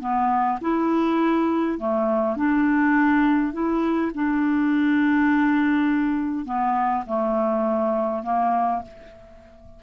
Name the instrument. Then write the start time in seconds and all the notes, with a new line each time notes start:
clarinet
0.00 B3
0.61 E4
1.78 A3
2.36 D4
3.53 E4
4.15 D4
6.45 B3
7.06 A3
8.23 A#3